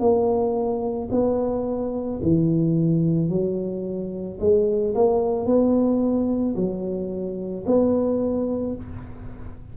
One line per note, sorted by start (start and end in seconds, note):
0.00 1.09 A#3
1.12 2.21 B3
2.23 3.30 E3
3.30 4.39 F#3
4.40 4.95 G#3
4.95 5.46 A#3
5.46 6.56 B3
6.56 7.65 F#3
7.67 8.76 B3